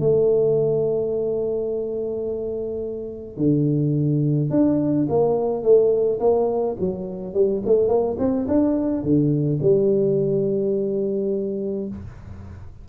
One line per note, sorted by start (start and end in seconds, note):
0.00 3.37 A3
3.37 4.51 D3
4.51 5.07 D4
5.09 5.63 A#3
5.63 6.20 A3
6.20 6.77 A#3
6.80 7.34 F#3
7.34 7.63 G3
7.66 7.89 A3
7.89 8.17 A#3
8.19 8.47 C4
8.48 9.03 D4
9.03 9.60 D3
9.62 11.89 G3